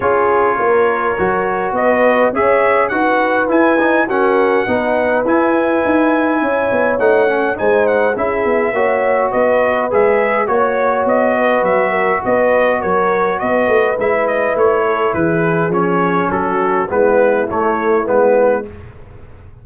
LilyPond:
<<
  \new Staff \with { instrumentName = "trumpet" } { \time 4/4 \tempo 4 = 103 cis''2. dis''4 | e''4 fis''4 gis''4 fis''4~ | fis''4 gis''2. | fis''4 gis''8 fis''8 e''2 |
dis''4 e''4 cis''4 dis''4 | e''4 dis''4 cis''4 dis''4 | e''8 dis''8 cis''4 b'4 cis''4 | a'4 b'4 cis''4 b'4 | }
  \new Staff \with { instrumentName = "horn" } { \time 4/4 gis'4 ais'2 b'4 | cis''4 b'2 ais'4 | b'2. cis''4~ | cis''4 c''4 gis'4 cis''4 |
b'2 cis''4. b'8~ | b'8 ais'8 b'4 ais'4 b'4~ | b'4. a'8 gis'2 | fis'4 e'2. | }
  \new Staff \with { instrumentName = "trombone" } { \time 4/4 f'2 fis'2 | gis'4 fis'4 e'8 dis'8 cis'4 | dis'4 e'2. | dis'8 cis'8 dis'4 e'4 fis'4~ |
fis'4 gis'4 fis'2~ | fis'1 | e'2. cis'4~ | cis'4 b4 a4 b4 | }
  \new Staff \with { instrumentName = "tuba" } { \time 4/4 cis'4 ais4 fis4 b4 | cis'4 dis'4 e'4 fis'4 | b4 e'4 dis'4 cis'8 b8 | a4 gis4 cis'8 b8 ais4 |
b4 gis4 ais4 b4 | fis4 b4 fis4 b8 a8 | gis4 a4 e4 f4 | fis4 gis4 a4 gis4 | }
>>